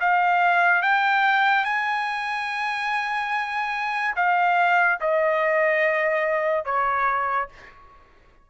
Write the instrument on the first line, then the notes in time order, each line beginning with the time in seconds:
trumpet
0.00 F5
0.82 G5
1.64 G#5
4.16 F5
5.01 D#5
6.65 C#5